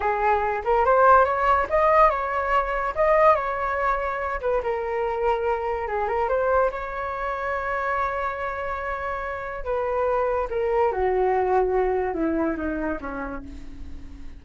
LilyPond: \new Staff \with { instrumentName = "flute" } { \time 4/4 \tempo 4 = 143 gis'4. ais'8 c''4 cis''4 | dis''4 cis''2 dis''4 | cis''2~ cis''8 b'8 ais'4~ | ais'2 gis'8 ais'8 c''4 |
cis''1~ | cis''2. b'4~ | b'4 ais'4 fis'2~ | fis'4 e'4 dis'4 cis'4 | }